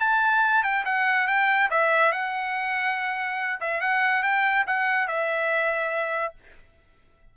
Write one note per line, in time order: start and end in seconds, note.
0.00 0.63 A5
0.63 0.84 G5
0.85 1.27 F#5
1.27 1.69 G5
1.70 2.12 E5
2.12 3.60 F#5
3.60 3.81 E5
3.81 4.23 F#5
4.23 4.65 G5
4.67 5.07 F#5
5.07 6.34 E5